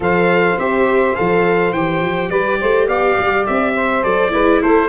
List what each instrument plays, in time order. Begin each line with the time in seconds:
0.00 tuba F3, viola A4, saxophone C5, trumpet F5
0.58 tuba C4, viola G4, trumpet E5
1.15 tuba F3, viola A4, trumpet F5
1.72 tuba E3, viola G4, trumpet G5
2.00 tuba F3
2.29 tuba G3, saxophone B4, trumpet D5
2.59 tuba A3, saxophone C5
2.86 tuba B3, saxophone D5, trumpet F5
3.19 tuba G3
3.46 tuba C4, trumpet E5
3.74 saxophone C5
4.02 tuba F#3, viola A4, trumpet D5
4.29 tuba G#3, viola E4, saxophone B4
4.61 tuba A3, saxophone A4, trumpet C5